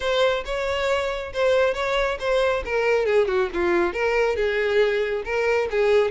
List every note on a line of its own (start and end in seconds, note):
0.00 0.44 C5
0.45 1.32 C#5
1.33 1.74 C5
1.74 2.18 C#5
2.19 2.63 C5
2.65 3.05 A#4
3.05 3.27 G#4
3.27 3.49 F#4
3.53 3.93 F4
3.93 4.35 A#4
4.35 5.23 G#4
5.24 5.68 A#4
5.70 6.11 G#4